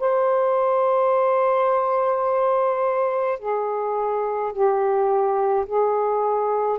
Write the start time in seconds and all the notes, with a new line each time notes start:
0.00 C5
3.40 G#4
4.53 G4
5.66 G#4